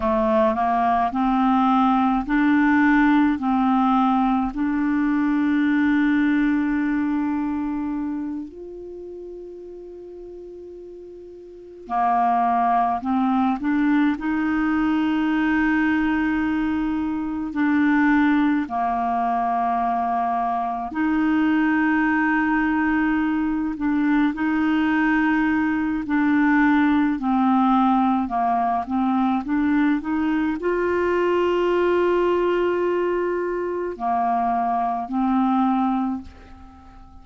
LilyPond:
\new Staff \with { instrumentName = "clarinet" } { \time 4/4 \tempo 4 = 53 a8 ais8 c'4 d'4 c'4 | d'2.~ d'8 f'8~ | f'2~ f'8 ais4 c'8 | d'8 dis'2. d'8~ |
d'8 ais2 dis'4.~ | dis'4 d'8 dis'4. d'4 | c'4 ais8 c'8 d'8 dis'8 f'4~ | f'2 ais4 c'4 | }